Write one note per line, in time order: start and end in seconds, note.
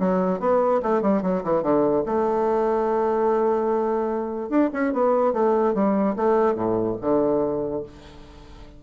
0.00 0.40 F#3
0.40 0.81 B3
0.83 1.02 A3
1.02 1.23 G3
1.23 1.43 F#3
1.44 1.63 E3
1.63 2.04 D3
2.06 4.50 A3
4.50 4.71 D4
4.73 4.94 C#4
4.94 5.34 B3
5.34 5.75 A3
5.75 6.16 G3
6.17 6.55 A3
6.55 6.97 A2
7.01 7.84 D3